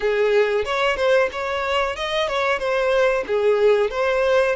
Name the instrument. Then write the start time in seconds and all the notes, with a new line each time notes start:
violin
0.00 G#4
0.64 C#5
0.96 C5
1.32 C#5
1.96 D#5
2.28 C#5
2.58 C5
3.26 G#4
3.90 C5